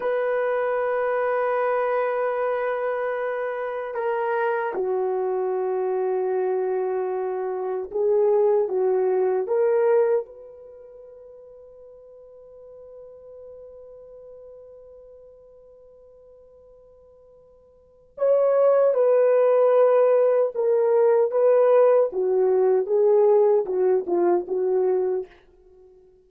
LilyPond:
\new Staff \with { instrumentName = "horn" } { \time 4/4 \tempo 4 = 76 b'1~ | b'4 ais'4 fis'2~ | fis'2 gis'4 fis'4 | ais'4 b'2.~ |
b'1~ | b'2. cis''4 | b'2 ais'4 b'4 | fis'4 gis'4 fis'8 f'8 fis'4 | }